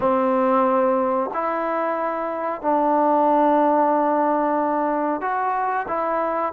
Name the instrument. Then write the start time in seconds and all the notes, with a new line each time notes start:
trombone
0.00 C4
1.33 E4
2.61 D4
5.21 F#4
5.88 E4